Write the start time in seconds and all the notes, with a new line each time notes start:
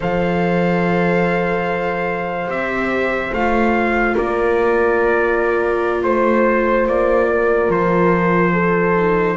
0.00 F3 A4 C5 F5
2.47 C4 G4 E5
3.32 A3 F4 F5
4.15 A#3 A#4 D5
6.03 A3 C5
6.87 A#3 D5
7.30 A#4
7.68 F3 C5
8.52 A4
8.95 D#4